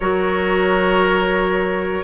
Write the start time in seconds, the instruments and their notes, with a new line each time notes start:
0.00 bassoon F#3, clarinet F#4, oboe A#4, flute C#5